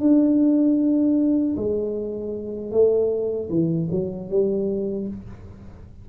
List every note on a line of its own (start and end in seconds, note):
0.00 1.56 D4
1.57 2.71 G#3
2.71 3.49 A3
3.50 3.89 E3
3.91 4.30 F#3
4.30 5.08 G3